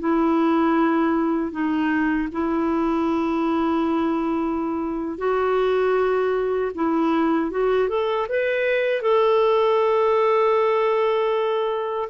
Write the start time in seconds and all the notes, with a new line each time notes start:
0.00 E4
1.52 D#4
2.32 E4
5.18 F#4
6.75 E4
7.51 F#4
7.89 A4
8.29 B4
9.02 A4